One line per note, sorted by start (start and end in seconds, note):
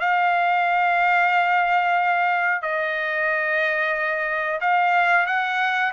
0.00 2.62 F5
2.62 4.60 D#5
4.61 5.27 F5
5.27 5.93 F#5